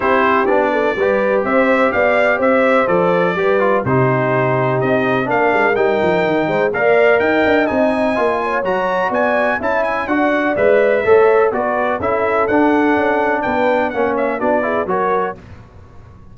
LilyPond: <<
  \new Staff \with { instrumentName = "trumpet" } { \time 4/4 \tempo 4 = 125 c''4 d''2 e''4 | f''4 e''4 d''2 | c''2 dis''4 f''4 | g''2 f''4 g''4 |
gis''2 ais''4 gis''4 | a''8 gis''8 fis''4 e''2 | d''4 e''4 fis''2 | g''4 fis''8 e''8 d''4 cis''4 | }
  \new Staff \with { instrumentName = "horn" } { \time 4/4 g'4. a'8 b'4 c''4 | d''4 c''2 b'4 | g'2. ais'4~ | ais'4. c''8 d''4 dis''4~ |
dis''4. cis''4. d''4 | e''4 d''2 cis''4 | b'4 a'2. | b'4 cis''4 fis'8 gis'8 ais'4 | }
  \new Staff \with { instrumentName = "trombone" } { \time 4/4 e'4 d'4 g'2~ | g'2 a'4 g'8 f'8 | dis'2. d'4 | dis'2 ais'2 |
dis'4 f'4 fis'2 | e'4 fis'4 b'4 a'4 | fis'4 e'4 d'2~ | d'4 cis'4 d'8 e'8 fis'4 | }
  \new Staff \with { instrumentName = "tuba" } { \time 4/4 c'4 b4 g4 c'4 | b4 c'4 f4 g4 | c2 c'4 ais8 gis8 | g8 f8 dis8 gis8 ais4 dis'8 d'8 |
c'4 ais4 fis4 b4 | cis'4 d'4 gis4 a4 | b4 cis'4 d'4 cis'4 | b4 ais4 b4 fis4 | }
>>